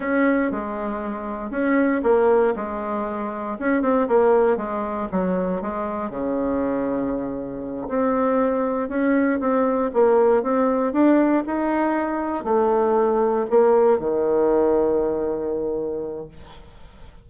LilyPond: \new Staff \with { instrumentName = "bassoon" } { \time 4/4 \tempo 4 = 118 cis'4 gis2 cis'4 | ais4 gis2 cis'8 c'8 | ais4 gis4 fis4 gis4 | cis2.~ cis8 c'8~ |
c'4. cis'4 c'4 ais8~ | ais8 c'4 d'4 dis'4.~ | dis'8 a2 ais4 dis8~ | dis1 | }